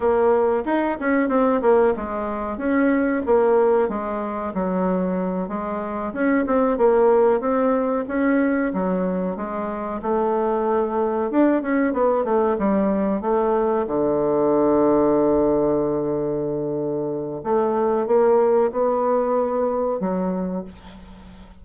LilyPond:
\new Staff \with { instrumentName = "bassoon" } { \time 4/4 \tempo 4 = 93 ais4 dis'8 cis'8 c'8 ais8 gis4 | cis'4 ais4 gis4 fis4~ | fis8 gis4 cis'8 c'8 ais4 c'8~ | c'8 cis'4 fis4 gis4 a8~ |
a4. d'8 cis'8 b8 a8 g8~ | g8 a4 d2~ d8~ | d2. a4 | ais4 b2 fis4 | }